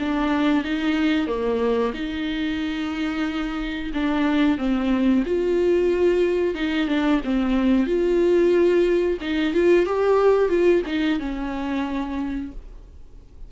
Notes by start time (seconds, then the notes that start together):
0.00 D4
0.65 D#4
1.27 A#3
1.95 D#4
3.94 D4
4.58 C4
5.26 F4
6.55 D#4
6.88 D4
7.24 C4
7.87 F4
9.22 D#4
9.54 F4
9.86 G4
10.50 F4
10.87 D#4
11.20 C#4